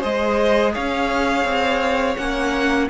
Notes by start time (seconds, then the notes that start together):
0.00 G#3 G#4 C5 D#5
0.73 C#4 C#5 F5
1.44 C4
2.16 A#3 C#4 F#5